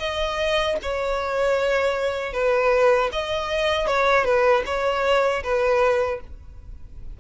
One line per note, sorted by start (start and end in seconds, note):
0.00 0.77 D#5
0.83 2.34 C#5
2.34 3.10 B4
3.13 3.87 D#5
3.87 4.25 C#5
4.25 4.63 B4
4.66 5.43 C#5
5.44 6.21 B4